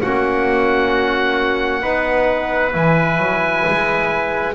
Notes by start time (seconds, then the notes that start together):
0.00 A#3 C#4 F#4 F#5
1.81 B3 D#4 B4
2.72 E3 E4 G#5
3.17 F#3
3.66 G#3